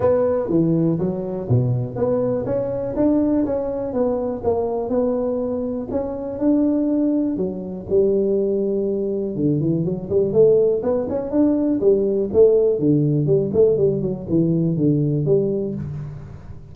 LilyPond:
\new Staff \with { instrumentName = "tuba" } { \time 4/4 \tempo 4 = 122 b4 e4 fis4 b,4 | b4 cis'4 d'4 cis'4 | b4 ais4 b2 | cis'4 d'2 fis4 |
g2. d8 e8 | fis8 g8 a4 b8 cis'8 d'4 | g4 a4 d4 g8 a8 | g8 fis8 e4 d4 g4 | }